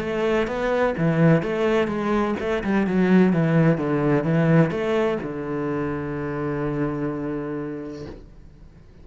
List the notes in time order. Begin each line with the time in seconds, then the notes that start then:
0.00 A3
0.47 B3
0.98 E3
1.42 A3
1.88 G#3
2.40 A3
2.63 G3
2.87 F#3
3.33 E3
3.78 D3
4.24 E3
4.71 A3
5.23 D3